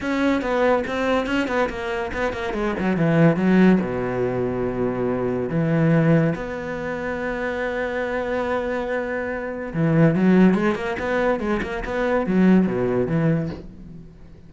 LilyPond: \new Staff \with { instrumentName = "cello" } { \time 4/4 \tempo 4 = 142 cis'4 b4 c'4 cis'8 b8 | ais4 b8 ais8 gis8 fis8 e4 | fis4 b,2.~ | b,4 e2 b4~ |
b1~ | b2. e4 | fis4 gis8 ais8 b4 gis8 ais8 | b4 fis4 b,4 e4 | }